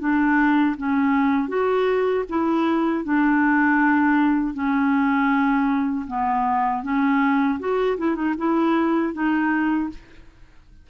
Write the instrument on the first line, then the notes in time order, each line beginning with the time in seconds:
clarinet
0.00 D4
0.77 C#4
1.49 F#4
2.29 E4
3.04 D4
4.54 C#4
6.07 B3
6.83 C#4
7.59 F#4
7.98 E4
8.15 D#4
8.38 E4
9.14 D#4